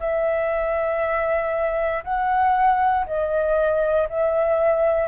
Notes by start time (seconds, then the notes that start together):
0.00 E5
2.04 F#5
3.06 D#5
4.09 E5